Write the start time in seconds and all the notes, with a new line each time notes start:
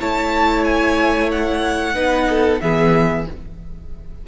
0.00 A3 E4 C#5 A5
0.64 G#5
1.32 F#5
1.94 B3 D#4 B4
2.29 A4
2.61 E3 B3 G#4 E5